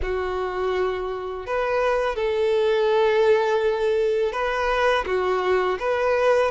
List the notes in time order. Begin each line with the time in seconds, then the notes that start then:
0.02 F#4
1.46 B4
2.15 A4
4.32 B4
5.06 F#4
5.79 B4